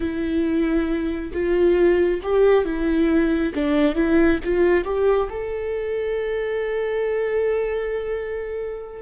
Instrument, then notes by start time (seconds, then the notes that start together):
viola
0.00 E4
1.32 F4
2.23 G4
2.65 E4
3.54 D4
3.95 E4
4.44 F4
4.84 G4
5.29 A4